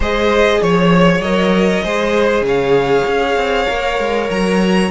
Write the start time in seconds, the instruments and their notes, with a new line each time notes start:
0.00 cello G#3, viola G#4, violin C5 D#5
0.62 cello F3, violin C#5
1.20 cello F#3, viola A#4, violin D#5
1.84 cello G#3, viola G#4, violin C5
2.41 cello C#3, violin C#5
2.47 violin F5
3.07 cello C#4
3.35 cello C4
3.67 cello A#3, viola A#4
3.99 cello G#3
4.30 cello F#3, violin A#5